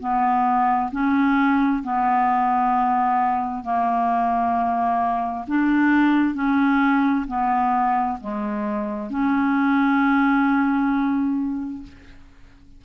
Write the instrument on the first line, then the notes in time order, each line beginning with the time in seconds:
clarinet
0.00 B3
0.92 C#4
1.84 B3
3.64 A#3
5.48 D4
6.35 C#4
7.27 B3
8.21 G#3
9.10 C#4